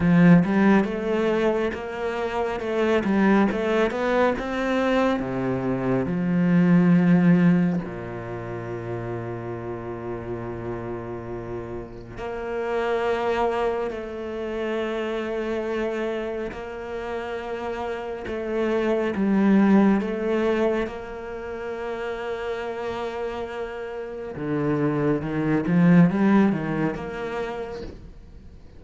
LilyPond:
\new Staff \with { instrumentName = "cello" } { \time 4/4 \tempo 4 = 69 f8 g8 a4 ais4 a8 g8 | a8 b8 c'4 c4 f4~ | f4 ais,2.~ | ais,2 ais2 |
a2. ais4~ | ais4 a4 g4 a4 | ais1 | d4 dis8 f8 g8 dis8 ais4 | }